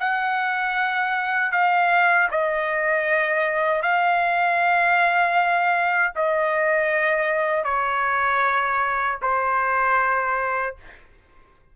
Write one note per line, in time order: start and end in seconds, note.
0.00 1.52 F#5
1.52 2.29 F5
2.31 3.82 D#5
3.82 6.13 F5
6.15 7.64 D#5
7.64 9.18 C#5
9.22 10.76 C5